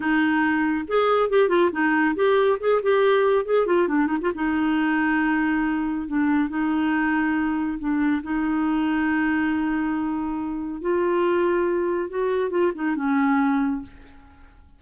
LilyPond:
\new Staff \with { instrumentName = "clarinet" } { \time 4/4 \tempo 4 = 139 dis'2 gis'4 g'8 f'8 | dis'4 g'4 gis'8 g'4. | gis'8 f'8 d'8 dis'16 f'16 dis'2~ | dis'2 d'4 dis'4~ |
dis'2 d'4 dis'4~ | dis'1~ | dis'4 f'2. | fis'4 f'8 dis'8 cis'2 | }